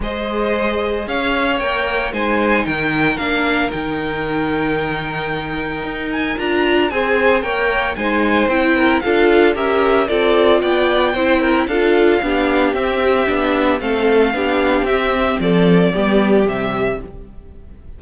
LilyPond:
<<
  \new Staff \with { instrumentName = "violin" } { \time 4/4 \tempo 4 = 113 dis''2 f''4 g''4 | gis''4 g''4 f''4 g''4~ | g''2.~ g''8 gis''8 | ais''4 gis''4 g''4 gis''4 |
g''4 f''4 e''4 d''4 | g''2 f''2 | e''2 f''2 | e''4 d''2 e''4 | }
  \new Staff \with { instrumentName = "violin" } { \time 4/4 c''2 cis''2 | c''4 ais'2.~ | ais'1~ | ais'4 c''4 cis''4 c''4~ |
c''8 ais'8 a'4 ais'4 a'4 | d''4 c''8 ais'8 a'4 g'4~ | g'2 a'4 g'4~ | g'4 a'4 g'2 | }
  \new Staff \with { instrumentName = "viola" } { \time 4/4 gis'2. ais'4 | dis'2 d'4 dis'4~ | dis'1 | f'4 gis'4 ais'4 dis'4 |
e'4 f'4 g'4 f'4~ | f'4 e'4 f'4 d'4 | c'4 d'4 c'4 d'4 | c'2 b4 g4 | }
  \new Staff \with { instrumentName = "cello" } { \time 4/4 gis2 cis'4 ais4 | gis4 dis4 ais4 dis4~ | dis2. dis'4 | d'4 c'4 ais4 gis4 |
c'4 d'4 cis'4 c'4 | b4 c'4 d'4 b4 | c'4 b4 a4 b4 | c'4 f4 g4 c4 | }
>>